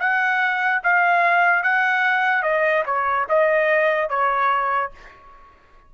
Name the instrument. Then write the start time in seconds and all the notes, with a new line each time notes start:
trumpet
0.00 F#5
0.83 F5
1.63 F#5
2.43 D#5
2.86 C#5
3.29 D#5
4.09 C#5